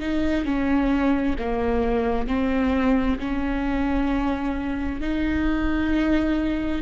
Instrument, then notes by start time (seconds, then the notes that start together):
viola
0.00 D#4
0.45 C#4
1.39 A#3
2.28 C4
3.19 C#4
5.01 D#4